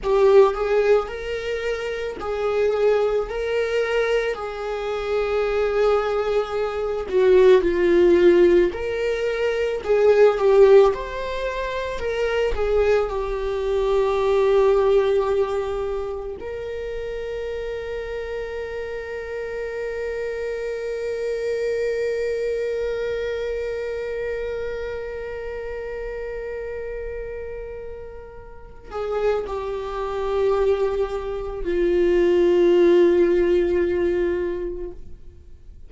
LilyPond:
\new Staff \with { instrumentName = "viola" } { \time 4/4 \tempo 4 = 55 g'8 gis'8 ais'4 gis'4 ais'4 | gis'2~ gis'8 fis'8 f'4 | ais'4 gis'8 g'8 c''4 ais'8 gis'8 | g'2. ais'4~ |
ais'1~ | ais'1~ | ais'2~ ais'8 gis'8 g'4~ | g'4 f'2. | }